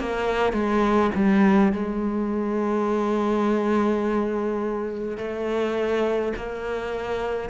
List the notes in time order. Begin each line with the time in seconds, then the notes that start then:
0.00 A#3
0.53 G#3
1.15 G3
1.73 G#3
5.18 A3
6.37 A#3